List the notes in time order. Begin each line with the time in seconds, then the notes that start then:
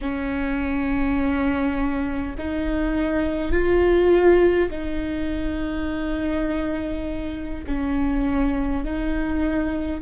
0.01 C#4
2.38 D#4
3.51 F4
4.70 D#4
7.66 C#4
8.84 D#4